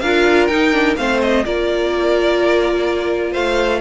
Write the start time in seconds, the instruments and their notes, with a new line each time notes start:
0.00 cello D4, viola F4, violin A#4 F5
0.47 cello D#4, viola D#4, violin G5
0.72 viola D4
0.97 cello A3, viola C4, violin C5 F5
1.21 violin D#5
1.45 cello A#3, viola F4, violin A#4 D5
3.32 cello A3, violin C5 F5